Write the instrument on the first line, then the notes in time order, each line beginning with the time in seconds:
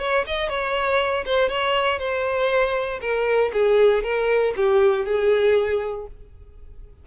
violin
0.00 C#5
0.27 D#5
0.50 C#5
1.26 C5
1.49 C#5
1.99 C5
3.01 A#4
3.54 G#4
4.04 A#4
4.57 G4
5.06 G#4